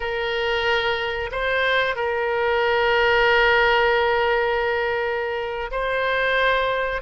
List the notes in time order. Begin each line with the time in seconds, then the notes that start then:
0.00 A#4
1.31 C5
1.95 A#4
5.71 C5